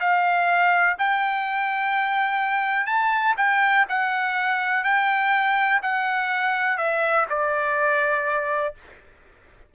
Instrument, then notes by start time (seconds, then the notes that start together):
trumpet
0.00 F5
0.99 G5
2.86 A5
3.37 G5
3.89 F#5
4.84 G5
5.82 F#5
6.78 E5
7.30 D5